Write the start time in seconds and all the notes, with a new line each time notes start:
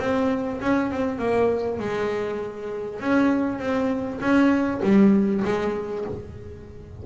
0.00 C4
0.61 C#4
0.91 C4
1.19 A#3
1.79 G#3
3.00 C#4
3.60 C4
4.21 C#4
4.83 G3
5.45 G#3